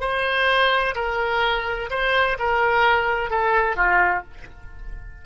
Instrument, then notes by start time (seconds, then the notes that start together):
oboe
0.00 C5
0.95 A#4
1.90 C5
2.39 A#4
3.30 A4
3.76 F4